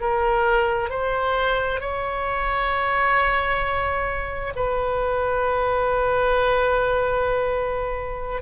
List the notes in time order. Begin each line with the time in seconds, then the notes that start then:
0.00 A#4
0.90 C5
1.80 C#5
4.55 B4